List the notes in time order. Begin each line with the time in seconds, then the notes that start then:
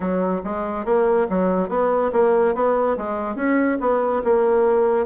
0.00 F#3
0.44 G#3
0.85 A#3
1.29 F#3
1.69 B3
2.12 A#3
2.54 B3
2.97 G#3
3.35 C#4
3.80 B3
4.23 A#3